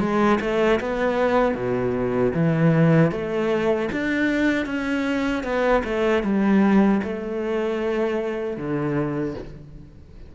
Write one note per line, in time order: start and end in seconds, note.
0.00 0.39 G#3
0.41 0.80 A3
0.80 1.55 B3
1.55 2.33 B2
2.34 3.11 E3
3.11 3.89 A3
3.92 4.66 D4
4.66 5.44 C#4
5.44 5.83 B3
5.84 6.23 A3
6.23 7.01 G3
7.03 8.57 A3
8.57 9.35 D3